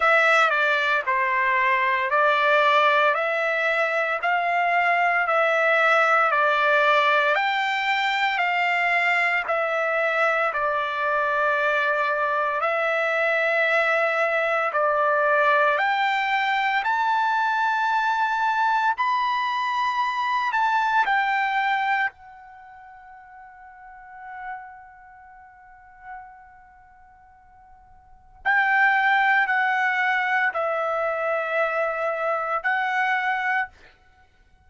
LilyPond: \new Staff \with { instrumentName = "trumpet" } { \time 4/4 \tempo 4 = 57 e''8 d''8 c''4 d''4 e''4 | f''4 e''4 d''4 g''4 | f''4 e''4 d''2 | e''2 d''4 g''4 |
a''2 b''4. a''8 | g''4 fis''2.~ | fis''2. g''4 | fis''4 e''2 fis''4 | }